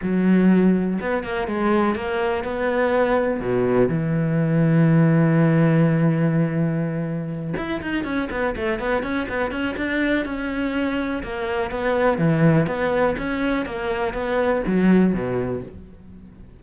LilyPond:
\new Staff \with { instrumentName = "cello" } { \time 4/4 \tempo 4 = 123 fis2 b8 ais8 gis4 | ais4 b2 b,4 | e1~ | e2.~ e8 e'8 |
dis'8 cis'8 b8 a8 b8 cis'8 b8 cis'8 | d'4 cis'2 ais4 | b4 e4 b4 cis'4 | ais4 b4 fis4 b,4 | }